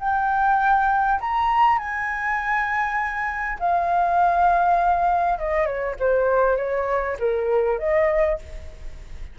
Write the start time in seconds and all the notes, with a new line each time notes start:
0.00 G5
1.21 A#5
1.79 G#5
3.59 F5
5.39 D#5
5.66 C#5
6.00 C5
6.57 C#5
7.20 A#4
7.79 D#5